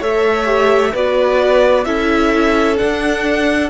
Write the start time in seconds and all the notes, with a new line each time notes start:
0.00 A3 A4 C#5 E5
0.45 G4
0.92 B3 F#4 B4 D5
1.85 C#4 E4 A4 E5
2.78 D4 F#5